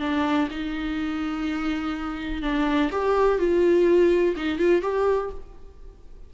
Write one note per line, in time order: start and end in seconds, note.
0.00 0.48 D4
0.51 2.43 D#4
2.43 2.91 D4
2.92 3.39 G4
3.39 4.36 F4
4.37 4.59 D#4
4.59 4.83 F4
4.83 5.31 G4